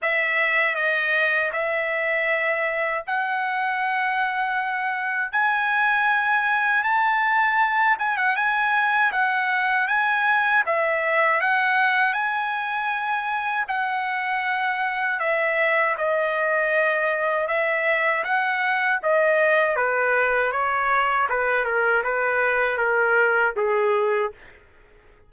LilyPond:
\new Staff \with { instrumentName = "trumpet" } { \time 4/4 \tempo 4 = 79 e''4 dis''4 e''2 | fis''2. gis''4~ | gis''4 a''4. gis''16 fis''16 gis''4 | fis''4 gis''4 e''4 fis''4 |
gis''2 fis''2 | e''4 dis''2 e''4 | fis''4 dis''4 b'4 cis''4 | b'8 ais'8 b'4 ais'4 gis'4 | }